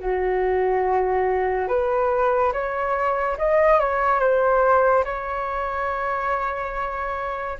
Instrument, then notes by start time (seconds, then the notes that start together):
flute
0.00 F#4
1.68 B4
2.53 C#5
3.38 D#5
3.80 C#5
4.20 C5
5.05 C#5